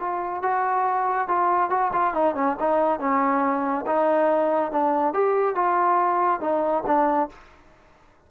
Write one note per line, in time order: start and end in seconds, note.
0.00 0.42 F4
0.42 1.28 F#4
1.28 1.70 F4
1.70 1.91 F#4
1.93 2.14 F4
2.14 2.35 D#4
2.35 2.57 C#4
2.60 3.00 D#4
3.00 3.86 C#4
3.87 4.72 D#4
4.72 5.14 D4
5.14 5.56 G4
5.56 6.41 F4
6.41 6.84 D#4
6.87 7.30 D4